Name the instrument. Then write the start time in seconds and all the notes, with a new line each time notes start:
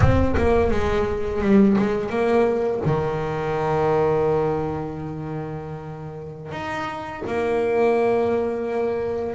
double bass
0.00 C4
0.37 A#3
0.71 G#3
1.41 G3
1.78 G#3
2.09 A#3
2.85 D#3
6.51 D#4
7.26 A#3